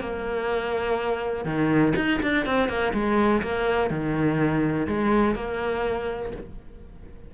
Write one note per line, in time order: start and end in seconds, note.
0.00 1.45 A#3
1.45 1.93 D#3
1.96 2.20 D#4
2.22 2.46 D4
2.46 2.69 C4
2.69 2.93 A#3
2.93 3.42 G#3
3.42 3.90 A#3
3.90 4.87 D#3
4.87 5.35 G#3
5.35 6.32 A#3